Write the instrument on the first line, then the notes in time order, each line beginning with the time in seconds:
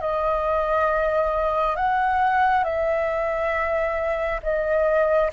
flute
0.00 D#5
1.76 F#5
2.64 E5
4.42 D#5